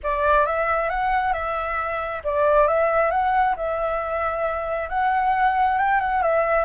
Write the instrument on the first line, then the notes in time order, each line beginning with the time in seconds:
flute
0.03 D5
0.45 E5
0.89 F#5
1.33 E5
2.23 D5
2.67 E5
3.10 F#5
3.56 E5
4.89 F#5
5.78 G5
6.00 F#5
6.22 E5